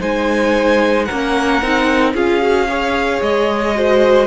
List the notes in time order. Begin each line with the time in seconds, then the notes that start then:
0.00 G#3 D#4 C5 G#5
1.05 A#4 F#5
1.12 A#3 C#4
1.62 C4 D#4
2.14 C#4 F4 G#4 F5
2.41 F#4
2.69 G#4 C#5
3.22 G#3 D#5
3.76 F#4 C5